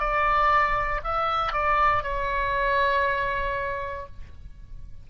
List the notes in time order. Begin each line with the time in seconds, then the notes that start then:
0.00 D5
1.04 E5
1.53 D5
2.04 C#5